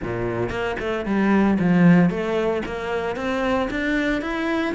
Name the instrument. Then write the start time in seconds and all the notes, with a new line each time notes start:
cello
0.02 A#2
0.49 A#3
0.79 A3
1.05 G3
1.59 F3
2.10 A3
2.65 A#3
3.16 C4
3.70 D4
4.21 E4